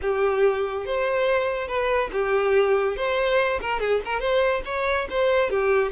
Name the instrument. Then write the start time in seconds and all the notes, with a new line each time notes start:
violin
0.01 G4
0.85 C5
1.67 B4
2.12 G4
2.96 C5
3.61 A#4
3.80 G#4
4.05 A#4
4.19 C5
4.65 C#5
5.10 C5
5.50 G4